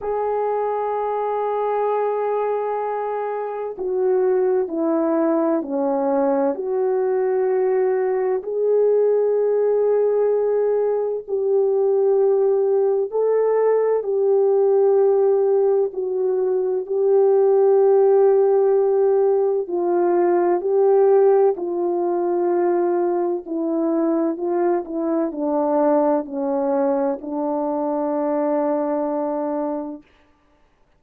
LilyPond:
\new Staff \with { instrumentName = "horn" } { \time 4/4 \tempo 4 = 64 gis'1 | fis'4 e'4 cis'4 fis'4~ | fis'4 gis'2. | g'2 a'4 g'4~ |
g'4 fis'4 g'2~ | g'4 f'4 g'4 f'4~ | f'4 e'4 f'8 e'8 d'4 | cis'4 d'2. | }